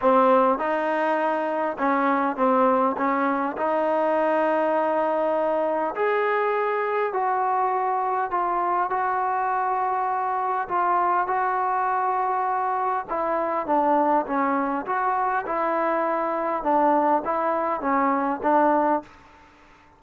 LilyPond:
\new Staff \with { instrumentName = "trombone" } { \time 4/4 \tempo 4 = 101 c'4 dis'2 cis'4 | c'4 cis'4 dis'2~ | dis'2 gis'2 | fis'2 f'4 fis'4~ |
fis'2 f'4 fis'4~ | fis'2 e'4 d'4 | cis'4 fis'4 e'2 | d'4 e'4 cis'4 d'4 | }